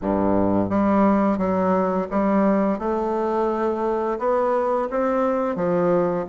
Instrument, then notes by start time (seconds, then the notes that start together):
bassoon
0.01 G2
0.69 G3
1.38 F#3
2.10 G3
2.78 A3
4.18 B3
4.90 C4
5.55 F3